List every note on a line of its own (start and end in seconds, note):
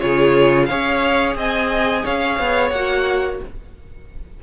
0.00 0.70 C#3
0.00 0.68 F4
0.00 0.68 G#4
0.00 0.65 C#5
0.65 1.35 C#4
0.65 2.74 G#4
0.65 1.37 C#5
0.65 1.34 F5
1.35 2.03 C4
1.35 2.04 D#5
1.35 2.05 G#5
2.04 2.39 C#4
2.04 3.40 C#5
2.04 2.70 F5
2.39 2.71 B3
2.70 3.39 A#3
2.70 3.43 F#4
2.70 3.38 F#5